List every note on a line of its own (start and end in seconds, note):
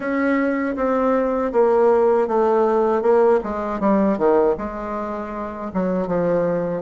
0.00 0.75 C#4
0.76 1.52 C4
1.52 2.27 A#3
2.27 3.01 A3
3.01 3.39 A#3
3.43 3.79 G#3
3.79 4.17 G3
4.17 4.55 D#3
4.57 5.71 G#3
5.73 6.07 F#3
6.07 6.82 F3